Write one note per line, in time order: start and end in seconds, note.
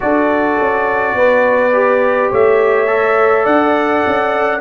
0.00 0.59 D4
0.00 1.72 F#4
0.00 1.17 A4
0.00 2.31 D5
0.59 1.14 C#4
1.14 2.29 B3
1.14 2.31 B4
1.72 2.87 G4
2.31 3.46 A3
2.31 3.44 C#5
2.31 3.45 E5
2.87 4.60 A4
3.44 4.03 D4
3.44 4.59 D5
3.44 4.60 F#5
4.06 4.60 C#4